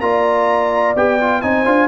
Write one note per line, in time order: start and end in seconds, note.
0.00 0.94 A#3
0.00 0.96 F4
0.00 1.44 D5
0.00 0.95 A#5
0.95 1.43 B3
0.95 1.19 G4
0.95 1.41 G5
1.20 1.42 F4
1.41 1.66 C4
1.41 1.65 D#4
1.41 1.88 C5
1.41 1.88 G#5
1.65 1.88 D4
1.65 1.88 F4